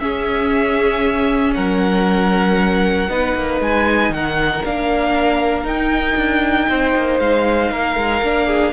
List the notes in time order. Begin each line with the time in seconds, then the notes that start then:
0.00 C#4 G#4 E5
1.55 F#3 A#4 F#5
3.09 B3 D#4 B4
3.35 A#3
3.61 G#3 G#5
4.10 D#3 A#4 F#5
4.65 A#3 D4 F5
5.64 D#4 G5
6.17 D4
6.69 C4 C5
6.96 A#3
7.20 G#3 F5
7.71 A#3 A#4
7.97 G#3
8.23 A#3 D4
8.47 G#4